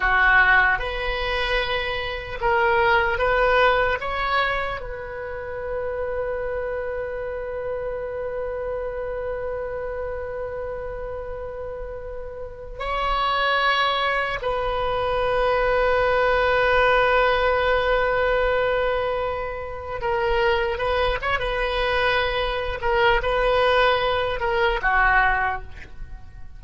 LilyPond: \new Staff \with { instrumentName = "oboe" } { \time 4/4 \tempo 4 = 75 fis'4 b'2 ais'4 | b'4 cis''4 b'2~ | b'1~ | b'1 |
cis''2 b'2~ | b'1~ | b'4 ais'4 b'8 cis''16 b'4~ b'16~ | b'8 ais'8 b'4. ais'8 fis'4 | }